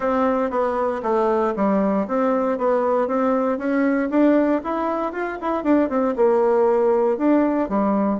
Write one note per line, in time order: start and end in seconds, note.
0.00 0.50 C4
0.50 1.01 B3
1.02 1.54 A3
1.55 2.07 G3
2.07 2.58 C4
2.58 3.07 B3
3.07 3.58 C4
3.58 4.09 C#4
4.09 4.61 D4
4.64 5.12 E4
5.12 5.38 F4
5.41 5.63 E4
5.63 5.89 D4
5.89 6.14 C4
6.15 7.17 A#3
7.17 7.69 D4
7.69 8.19 G3